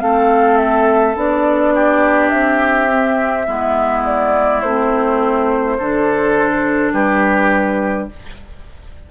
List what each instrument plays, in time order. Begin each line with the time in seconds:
0.00 bassoon A3, clarinet C4, oboe A4, flute F5
0.57 flute E5
1.15 bassoon B3, clarinet D4, flute D5
1.74 oboe G4
2.28 bassoon C4, flute E5
2.89 clarinet C4
3.46 bassoon G#3, clarinet B3, oboe E4
4.05 flute D5
4.61 bassoon A3, clarinet C4, flute C5
5.78 bassoon D3, clarinet D4, oboe A4
6.93 bassoon G3, oboe G4, flute B4